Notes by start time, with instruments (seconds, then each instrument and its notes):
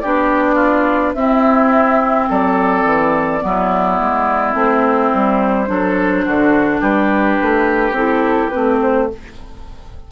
0.00 bassoon B3, clarinet D4, oboe G4, flute D5
0.55 oboe F4
1.15 bassoon C4, clarinet C4, oboe E4, flute E5
2.30 bassoon F#3, oboe A4, flute D5
2.85 bassoon E3
3.42 bassoon F#3, clarinet B3, oboe E4
4.00 bassoon G#3
4.54 bassoon A3, clarinet C4, flute C5
5.14 bassoon G3
5.67 bassoon F#3, clarinet D4, oboe A4
6.25 bassoon D3, oboe F#4
6.81 bassoon G3, oboe G4, flute B4
7.42 bassoon A3
7.92 bassoon C4, clarinet E4, flute A4
8.50 bassoon A3, clarinet C4, flute B4
8.82 flute C5